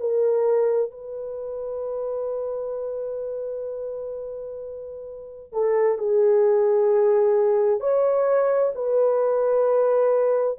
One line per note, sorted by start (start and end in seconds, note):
0.00 0.91 A#4
0.91 5.53 B4
5.53 5.98 A4
5.98 7.80 G#4
7.80 8.73 C#5
8.75 10.59 B4